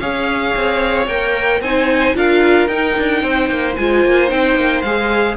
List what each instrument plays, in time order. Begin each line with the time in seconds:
0.00 cello C#4, viola G#4, violin C#5 F5
0.56 cello C4
1.08 cello A#3, viola A#4, violin G5
1.61 cello C4, viola D#4, violin C5 G#5
2.15 cello D4, viola F4, violin A#4 F5
2.68 cello D#4, viola D#4, violin G5
2.99 cello D4
3.23 cello C4, violin C5
3.50 cello A#3
3.76 cello G#3, viola F4, violin G#5
4.05 cello A#3
4.29 cello C4, viola D#4, violin G5
4.56 cello A#3
4.82 cello G#3, viola G#4, violin F5